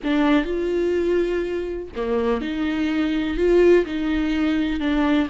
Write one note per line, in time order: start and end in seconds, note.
0.03 0.45 D4
0.45 1.89 F4
1.95 2.41 A#3
2.41 3.37 D#4
3.37 3.85 F4
3.85 4.80 D#4
4.80 5.28 D4